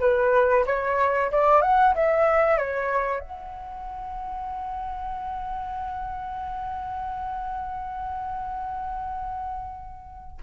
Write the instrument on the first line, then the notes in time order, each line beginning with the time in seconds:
flute
0.00 B4
0.66 C#5
1.32 D5
1.62 F#5
1.94 E5
2.57 C#5
3.20 F#5